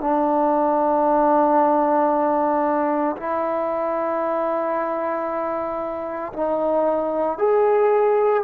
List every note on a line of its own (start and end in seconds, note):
0.00 3.16 D4
3.16 6.32 E4
6.33 7.38 D#4
7.38 8.43 G#4